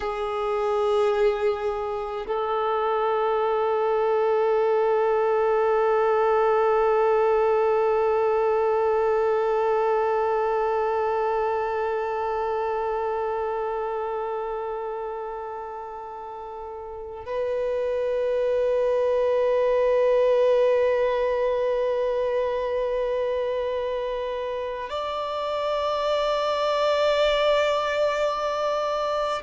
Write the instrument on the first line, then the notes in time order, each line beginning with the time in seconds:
violin
0.00 G#4
2.26 A4
17.25 B4
24.89 D5